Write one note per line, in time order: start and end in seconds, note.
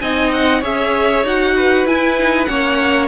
0.00 0.62 C4
0.00 0.62 D#4
0.00 0.60 D#5
0.00 0.31 G#5
0.32 0.63 F#5
0.60 1.23 C#4
0.60 1.24 G#4
0.60 1.53 C#5
0.60 1.26 E5
1.23 1.85 D#4
1.23 1.87 F#4
1.23 1.87 F#5
1.56 2.48 B4
1.85 2.47 E4
1.85 2.18 E4
1.85 2.44 G#5
2.19 2.47 D#4
2.44 3.07 A#3
2.44 3.07 C#4
2.44 3.07 C#5
2.44 3.06 F#5